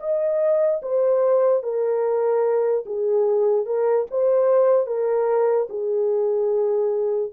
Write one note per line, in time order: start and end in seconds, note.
0.00 0.81 D#5
0.82 1.63 C5
1.63 2.85 A#4
2.86 3.66 G#4
3.66 4.07 A#4
4.11 4.86 C5
4.86 5.68 A#4
5.69 7.32 G#4